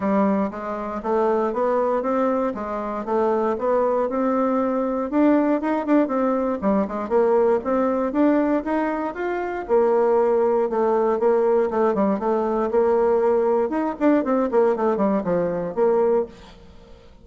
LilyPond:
\new Staff \with { instrumentName = "bassoon" } { \time 4/4 \tempo 4 = 118 g4 gis4 a4 b4 | c'4 gis4 a4 b4 | c'2 d'4 dis'8 d'8 | c'4 g8 gis8 ais4 c'4 |
d'4 dis'4 f'4 ais4~ | ais4 a4 ais4 a8 g8 | a4 ais2 dis'8 d'8 | c'8 ais8 a8 g8 f4 ais4 | }